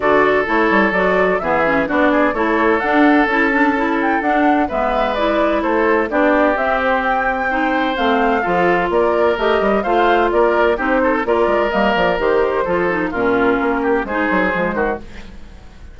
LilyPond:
<<
  \new Staff \with { instrumentName = "flute" } { \time 4/4 \tempo 4 = 128 d''4 cis''4 d''4 e''4 | d''4 cis''4 fis''4 a''4~ | a''8 g''8 fis''4 e''4 d''4 | c''4 d''4 e''8 c''8 g''4~ |
g''4 f''2 d''4 | dis''4 f''4 d''4 c''4 | d''4 dis''8 d''8 c''2 | ais'2 c''2 | }
  \new Staff \with { instrumentName = "oboe" } { \time 4/4 a'2. gis'4 | fis'8 gis'8 a'2.~ | a'2 b'2 | a'4 g'2. |
c''2 a'4 ais'4~ | ais'4 c''4 ais'4 g'8 a'8 | ais'2. a'4 | f'4. g'8 gis'4. fis'8 | }
  \new Staff \with { instrumentName = "clarinet" } { \time 4/4 fis'4 e'4 fis'4 b8 cis'8 | d'4 e'4 d'4 e'8 d'8 | e'4 d'4 b4 e'4~ | e'4 d'4 c'2 |
dis'4 c'4 f'2 | g'4 f'2 dis'4 | f'4 ais4 g'4 f'8 dis'8 | cis'2 dis'4 gis4 | }
  \new Staff \with { instrumentName = "bassoon" } { \time 4/4 d4 a8 g8 fis4 e4 | b4 a4 d'4 cis'4~ | cis'4 d'4 gis2 | a4 b4 c'2~ |
c'4 a4 f4 ais4 | a8 g8 a4 ais4 c'4 | ais8 gis8 g8 f8 dis4 f4 | ais,4 ais4 gis8 fis8 f8 dis8 | }
>>